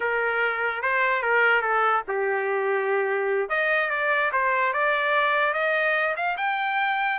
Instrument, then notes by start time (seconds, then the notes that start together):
trumpet
0.00 A#4
0.82 C5
1.22 A#4
1.61 A4
2.08 G4
3.49 D#5
3.89 D5
4.32 C5
4.73 D5
5.53 D#5
6.16 F5
6.37 G5